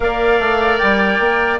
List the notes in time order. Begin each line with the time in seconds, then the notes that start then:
0.00 A#3 A#4 D5 F5
0.39 A3
0.78 G3 G5
1.19 A#3